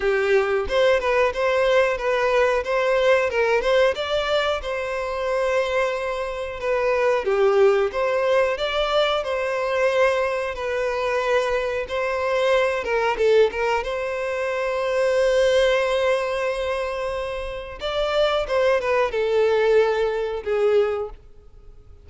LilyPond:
\new Staff \with { instrumentName = "violin" } { \time 4/4 \tempo 4 = 91 g'4 c''8 b'8 c''4 b'4 | c''4 ais'8 c''8 d''4 c''4~ | c''2 b'4 g'4 | c''4 d''4 c''2 |
b'2 c''4. ais'8 | a'8 ais'8 c''2.~ | c''2. d''4 | c''8 b'8 a'2 gis'4 | }